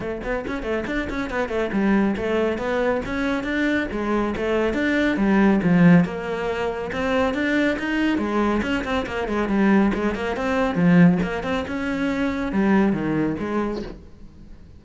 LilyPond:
\new Staff \with { instrumentName = "cello" } { \time 4/4 \tempo 4 = 139 a8 b8 cis'8 a8 d'8 cis'8 b8 a8 | g4 a4 b4 cis'4 | d'4 gis4 a4 d'4 | g4 f4 ais2 |
c'4 d'4 dis'4 gis4 | cis'8 c'8 ais8 gis8 g4 gis8 ais8 | c'4 f4 ais8 c'8 cis'4~ | cis'4 g4 dis4 gis4 | }